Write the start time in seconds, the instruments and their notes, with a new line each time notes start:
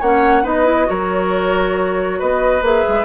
0.00 bassoon A#3, clarinet C#4, oboe C#5, flute F#5
0.43 bassoon B3, clarinet D#4, oboe B4, flute D#5
0.65 clarinet E4
0.86 bassoon F#3, clarinet F#4, oboe A#4, flute C#5
2.19 bassoon B3, oboe B4, flute D#5
2.61 bassoon A#3, clarinet G#4, flute E5
2.88 bassoon G#3